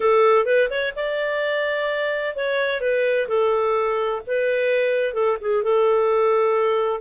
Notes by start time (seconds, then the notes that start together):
0.00 A4
0.45 B4
0.70 C#5
0.95 D5
2.36 C#5
2.80 B4
3.27 A4
4.27 B4
5.13 A4
5.40 G#4
5.63 A4